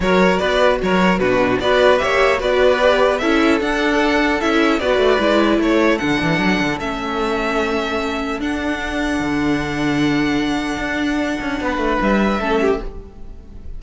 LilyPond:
<<
  \new Staff \with { instrumentName = "violin" } { \time 4/4 \tempo 4 = 150 cis''4 d''4 cis''4 b'4 | d''4 e''4 d''2 | e''4 fis''2 e''4 | d''2 cis''4 fis''4~ |
fis''4 e''2.~ | e''4 fis''2.~ | fis''1~ | fis''2 e''2 | }
  \new Staff \with { instrumentName = "violin" } { \time 4/4 ais'4 b'4 ais'4 fis'4 | b'4 cis''4 b'2 | a'1 | b'2 a'2~ |
a'1~ | a'1~ | a'1~ | a'4 b'2 a'8 g'8 | }
  \new Staff \with { instrumentName = "viola" } { \time 4/4 fis'2. d'4 | fis'4 g'4 fis'4 g'4 | e'4 d'2 e'4 | fis'4 e'2 d'4~ |
d'4 cis'2.~ | cis'4 d'2.~ | d'1~ | d'2. cis'4 | }
  \new Staff \with { instrumentName = "cello" } { \time 4/4 fis4 b4 fis4 b,4 | b4 ais4 b2 | cis'4 d'2 cis'4 | b8 a8 gis4 a4 d8 e8 |
fis8 d8 a2.~ | a4 d'2 d4~ | d2. d'4~ | d'8 cis'8 b8 a8 g4 a4 | }
>>